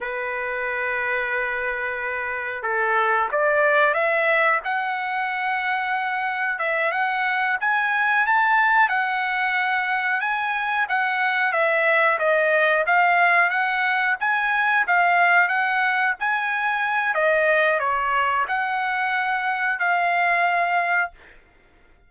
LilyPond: \new Staff \with { instrumentName = "trumpet" } { \time 4/4 \tempo 4 = 91 b'1 | a'4 d''4 e''4 fis''4~ | fis''2 e''8 fis''4 gis''8~ | gis''8 a''4 fis''2 gis''8~ |
gis''8 fis''4 e''4 dis''4 f''8~ | f''8 fis''4 gis''4 f''4 fis''8~ | fis''8 gis''4. dis''4 cis''4 | fis''2 f''2 | }